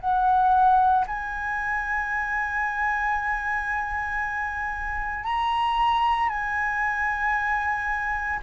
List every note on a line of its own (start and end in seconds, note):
0.00 1.05 F#5
1.07 5.24 G#5
5.24 6.29 A#5
6.29 8.40 G#5